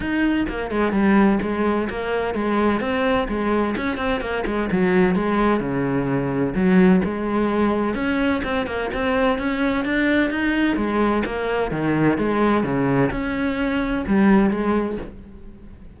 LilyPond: \new Staff \with { instrumentName = "cello" } { \time 4/4 \tempo 4 = 128 dis'4 ais8 gis8 g4 gis4 | ais4 gis4 c'4 gis4 | cis'8 c'8 ais8 gis8 fis4 gis4 | cis2 fis4 gis4~ |
gis4 cis'4 c'8 ais8 c'4 | cis'4 d'4 dis'4 gis4 | ais4 dis4 gis4 cis4 | cis'2 g4 gis4 | }